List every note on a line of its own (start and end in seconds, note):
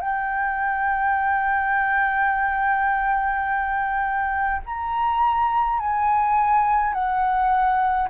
0.00 4.62 G5
4.65 5.79 A#5
5.79 6.93 G#5
6.93 8.08 F#5